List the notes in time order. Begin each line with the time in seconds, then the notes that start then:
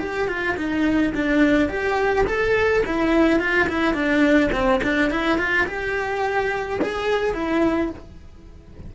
0.00 G4
0.28 F4
0.57 D#4
1.14 D4
1.69 G4
2.27 A4
2.86 E4
3.40 F4
3.69 E4
3.94 D4
4.52 C4
4.84 D4
5.11 E4
5.38 F4
5.67 G4
6.82 G#4
7.34 E4